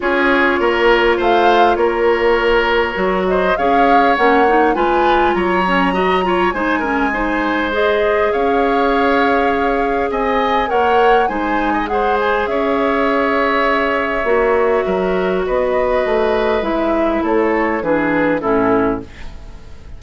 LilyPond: <<
  \new Staff \with { instrumentName = "flute" } { \time 4/4 \tempo 4 = 101 cis''2 f''4 cis''4~ | cis''4. dis''8 f''4 fis''4 | gis''4 ais''2 gis''4~ | gis''4 dis''4 f''2~ |
f''4 gis''4 fis''4 gis''4 | fis''8 gis''8 e''2.~ | e''2 dis''2 | e''4 cis''4 b'4 a'4 | }
  \new Staff \with { instrumentName = "oboe" } { \time 4/4 gis'4 ais'4 c''4 ais'4~ | ais'4. c''8 cis''2 | b'4 cis''4 dis''8 cis''8 c''8 ais'8 | c''2 cis''2~ |
cis''4 dis''4 cis''4 c''8. dis''16 | c''4 cis''2.~ | cis''4 ais'4 b'2~ | b'4 a'4 gis'4 e'4 | }
  \new Staff \with { instrumentName = "clarinet" } { \time 4/4 f'1~ | f'4 fis'4 gis'4 cis'8 dis'8 | f'4. cis'8 fis'8 f'8 dis'8 cis'8 | dis'4 gis'2.~ |
gis'2 ais'4 dis'4 | gis'1 | fis'1 | e'2 d'4 cis'4 | }
  \new Staff \with { instrumentName = "bassoon" } { \time 4/4 cis'4 ais4 a4 ais4~ | ais4 fis4 cis'4 ais4 | gis4 fis2 gis4~ | gis2 cis'2~ |
cis'4 c'4 ais4 gis4~ | gis4 cis'2. | ais4 fis4 b4 a4 | gis4 a4 e4 a,4 | }
>>